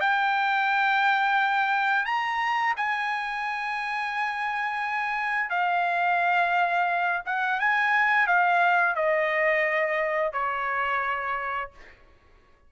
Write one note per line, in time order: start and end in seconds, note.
0.00 2.05 G5
2.05 2.74 A#5
2.77 5.50 G#5
5.50 7.22 F5
7.26 7.60 F#5
7.60 8.27 G#5
8.27 8.96 F5
8.96 10.33 D#5
10.33 11.71 C#5